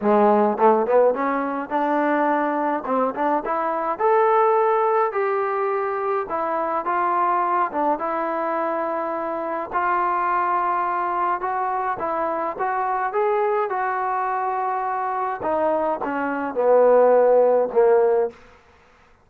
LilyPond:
\new Staff \with { instrumentName = "trombone" } { \time 4/4 \tempo 4 = 105 gis4 a8 b8 cis'4 d'4~ | d'4 c'8 d'8 e'4 a'4~ | a'4 g'2 e'4 | f'4. d'8 e'2~ |
e'4 f'2. | fis'4 e'4 fis'4 gis'4 | fis'2. dis'4 | cis'4 b2 ais4 | }